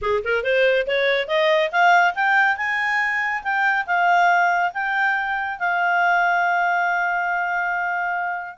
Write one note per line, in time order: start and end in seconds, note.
0.01 0.23 G#4
0.24 0.43 A#4
0.43 0.86 C5
0.86 1.27 C#5
1.27 1.70 D#5
1.71 2.14 F5
2.14 2.57 G5
2.57 3.42 G#5
3.43 3.86 G5
3.86 4.71 F5
4.73 5.59 G5
5.59 8.57 F5